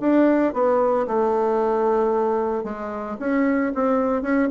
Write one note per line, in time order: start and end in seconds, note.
0.00 0.53 D4
0.53 1.06 B3
1.07 2.63 A3
2.63 3.16 G#3
3.19 3.72 C#4
3.74 4.22 C4
4.22 4.48 C#4